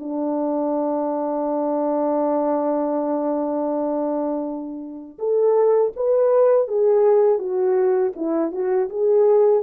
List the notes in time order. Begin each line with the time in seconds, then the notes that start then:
0.00 D4
5.19 A4
5.97 B4
6.68 G#4
7.39 F#4
8.16 E4
8.52 F#4
8.90 G#4